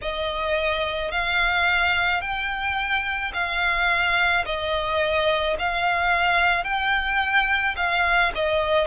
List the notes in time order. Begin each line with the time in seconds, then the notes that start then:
0.01 D#5
1.11 F5
2.21 G5
3.33 F5
4.45 D#5
5.59 F5
6.64 G5
7.76 F5
8.34 D#5